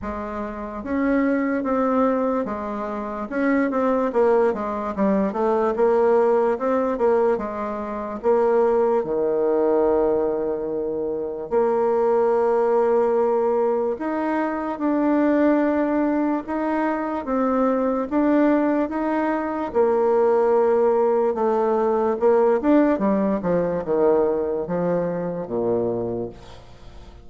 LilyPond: \new Staff \with { instrumentName = "bassoon" } { \time 4/4 \tempo 4 = 73 gis4 cis'4 c'4 gis4 | cis'8 c'8 ais8 gis8 g8 a8 ais4 | c'8 ais8 gis4 ais4 dis4~ | dis2 ais2~ |
ais4 dis'4 d'2 | dis'4 c'4 d'4 dis'4 | ais2 a4 ais8 d'8 | g8 f8 dis4 f4 ais,4 | }